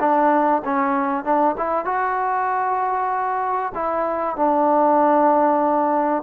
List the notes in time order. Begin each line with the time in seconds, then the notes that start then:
0.00 D4
0.65 C#4
1.24 D4
1.58 E4
1.85 F#4
3.74 E4
4.36 D4